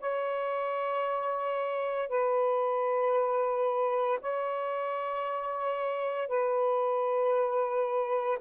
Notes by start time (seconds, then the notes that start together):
0.00 C#5
2.09 B4
4.22 C#5
6.28 B4